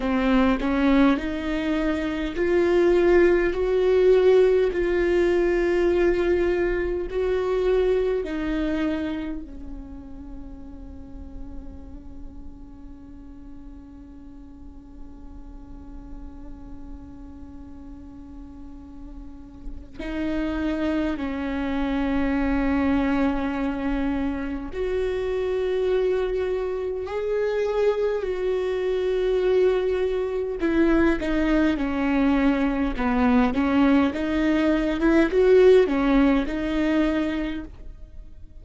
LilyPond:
\new Staff \with { instrumentName = "viola" } { \time 4/4 \tempo 4 = 51 c'8 cis'8 dis'4 f'4 fis'4 | f'2 fis'4 dis'4 | cis'1~ | cis'1~ |
cis'4 dis'4 cis'2~ | cis'4 fis'2 gis'4 | fis'2 e'8 dis'8 cis'4 | b8 cis'8 dis'8. e'16 fis'8 cis'8 dis'4 | }